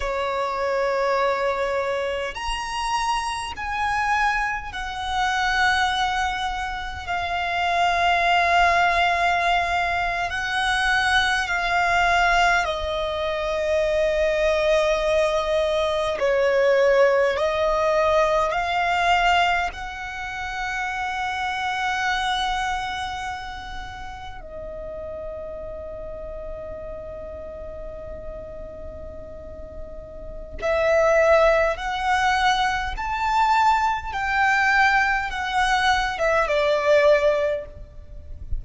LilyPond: \new Staff \with { instrumentName = "violin" } { \time 4/4 \tempo 4 = 51 cis''2 ais''4 gis''4 | fis''2 f''2~ | f''8. fis''4 f''4 dis''4~ dis''16~ | dis''4.~ dis''16 cis''4 dis''4 f''16~ |
f''8. fis''2.~ fis''16~ | fis''8. dis''2.~ dis''16~ | dis''2 e''4 fis''4 | a''4 g''4 fis''8. e''16 d''4 | }